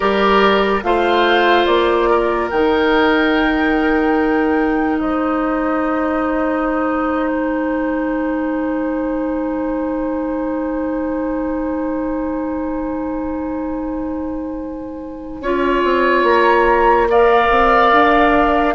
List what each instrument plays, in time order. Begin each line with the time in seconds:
0.00 bassoon G3, clarinet G4, oboe A#4, flute D5
0.83 bassoon A3, clarinet F4, oboe C5, flute F5
1.66 bassoon A#3, flute D5
2.09 oboe A#4
2.50 bassoon D#3, clarinet D#4, flute G5
4.99 bassoon G#3, oboe C5, flute D#5
7.28 flute G#5
15.40 bassoon C#4, clarinet F4, oboe C#5
15.84 bassoon C4
16.23 bassoon A#3, flute A#5
17.09 clarinet A#4, oboe D5, flute F5
17.50 bassoon C4
17.91 bassoon D4